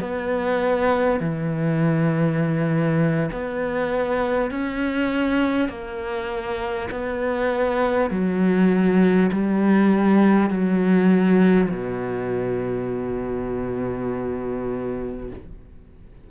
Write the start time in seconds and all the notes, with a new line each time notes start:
0.00 B3
1.20 E3
3.32 B3
4.51 C#4
5.68 A#3
6.91 B3
8.10 F#3
9.32 G3
10.50 F#3
11.70 B2